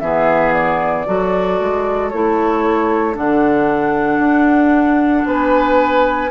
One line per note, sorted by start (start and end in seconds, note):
0.00 1.06 E3
0.00 1.06 B3
0.00 1.07 G#4
0.00 0.53 E5
0.53 2.10 D5
1.06 1.60 F#3
1.06 2.11 F#4
1.06 5.27 A4
1.60 2.13 G#3
2.10 3.16 A3
2.10 3.13 E4
2.10 3.15 C#5
3.13 4.19 D3
3.13 6.29 D4
3.13 5.27 F#5
4.19 5.24 D4
5.25 6.30 B3
5.25 6.31 B4
5.25 6.31 G#5